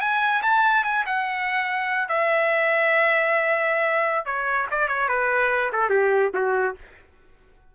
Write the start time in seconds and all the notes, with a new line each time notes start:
0.00 G#5
0.42 A5
0.84 G#5
1.05 F#5
2.08 E5
4.25 C#5
4.70 D5
4.88 C#5
5.08 B4
5.72 A4
5.89 G4
6.33 F#4